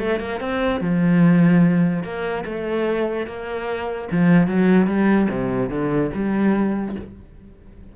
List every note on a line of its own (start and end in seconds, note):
0.00 0.20 A3
0.20 0.41 A#3
0.41 0.81 C4
0.81 2.04 F3
2.04 2.45 A#3
2.45 3.27 A3
3.27 4.09 A#3
4.12 4.48 F3
4.48 4.88 F#3
4.88 5.28 G3
5.30 5.71 C3
5.71 6.11 D3
6.14 6.96 G3